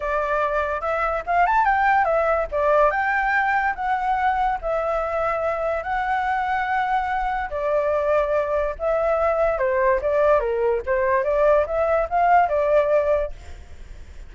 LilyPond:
\new Staff \with { instrumentName = "flute" } { \time 4/4 \tempo 4 = 144 d''2 e''4 f''8 a''8 | g''4 e''4 d''4 g''4~ | g''4 fis''2 e''4~ | e''2 fis''2~ |
fis''2 d''2~ | d''4 e''2 c''4 | d''4 ais'4 c''4 d''4 | e''4 f''4 d''2 | }